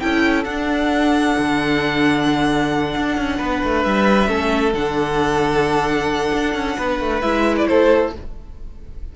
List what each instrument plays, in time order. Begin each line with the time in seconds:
0.00 cello C#4, viola E4, violin A4 G5
0.45 cello D4, viola D4, violin F#5
1.38 cello D3
2.96 cello D4
3.17 cello C#4
3.39 cello B3, violin B4
3.64 cello A3
3.83 cello G3, violin E5
4.27 cello A3, viola C#4, violin A4
4.74 cello D3, viola D4, violin F#5
6.33 cello D4
6.54 cello C#4
6.78 cello B3, violin B4
7.00 cello A3
7.21 cello G#3, viola E4, violin E5
7.57 violin D5
7.67 cello A3, violin A4 C5